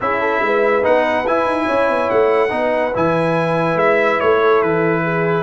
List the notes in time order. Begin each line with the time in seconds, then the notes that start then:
0.00 C#4 E4 G#4 E5
0.20 A4
0.41 G#3 B4
0.82 B3 D#4 F#5
1.25 E4 G#5
1.44 D#4
1.65 C#4 C#5
1.88 B3
2.10 A3 F#5
2.49 B3 D#4 B4
2.94 E3 E4 G#5
3.75 G#3 E5
4.19 A3 C#5
4.39 A4
4.62 E3 B4
5.03 G#4